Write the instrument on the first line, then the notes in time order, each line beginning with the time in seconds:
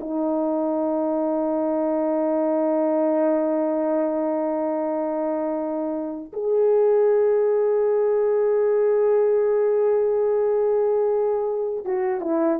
horn
0.00 D#4
6.33 G#4
11.85 F#4
12.20 E4